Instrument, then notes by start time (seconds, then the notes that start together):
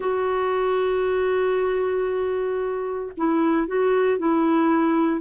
clarinet
0.00 F#4
3.17 E4
3.67 F#4
4.18 E4